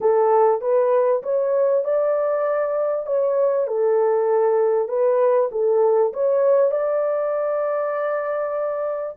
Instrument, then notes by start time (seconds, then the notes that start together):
horn
0.00 A4
0.61 B4
1.22 C#5
1.84 D5
3.06 C#5
3.67 A4
4.88 B4
5.51 A4
6.13 C#5
6.71 D5